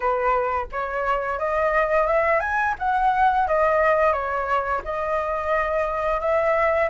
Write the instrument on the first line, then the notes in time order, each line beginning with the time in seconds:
flute
0.00 B4
0.71 C#5
1.38 D#5
2.07 E5
2.40 G#5
2.78 F#5
3.47 D#5
4.12 C#5
4.84 D#5
6.20 E5